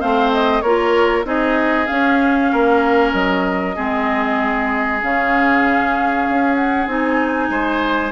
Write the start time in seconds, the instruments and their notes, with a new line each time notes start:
0.00 bassoon A3, clarinet C4, oboe C5, flute F5
0.32 flute D#5
0.61 bassoon A#3, clarinet F4, oboe A#4, flute C#5
1.24 bassoon C4, clarinet D#4, oboe G#4, flute D#5
1.87 clarinet C#4, bassoon C#4, flute F5
2.52 bassoon A#3, oboe A#4
3.13 bassoon F#3, flute D#5
3.75 bassoon G#3, clarinet C4, oboe G#4
5.02 bassoon C#3, clarinet C#4, flute F5
6.29 bassoon C#4
6.55 flute F#5
6.87 bassoon C4, clarinet D#4, flute G#5
7.49 bassoon G#3, oboe C5